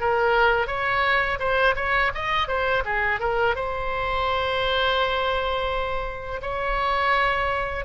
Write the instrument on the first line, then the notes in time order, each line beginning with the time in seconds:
oboe
0.00 A#4
0.67 C#5
1.39 C5
1.76 C#5
2.14 D#5
2.47 C5
2.85 G#4
3.20 A#4
3.55 C5
6.42 C#5